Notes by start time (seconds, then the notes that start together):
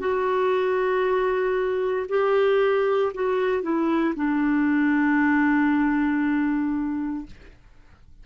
0.00 F#4
2.09 G4
3.15 F#4
3.63 E4
4.16 D4